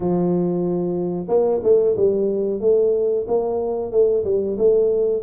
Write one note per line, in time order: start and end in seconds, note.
0.00 1.26 F3
1.28 1.61 A#3
1.63 1.95 A3
1.96 2.60 G3
2.60 3.25 A3
3.27 3.91 A#3
3.91 4.24 A3
4.24 4.57 G3
4.58 5.22 A3